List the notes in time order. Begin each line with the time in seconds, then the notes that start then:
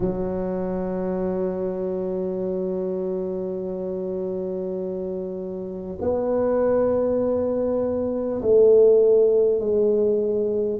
0.00 F#3
6.01 B3
8.42 A3
9.59 G#3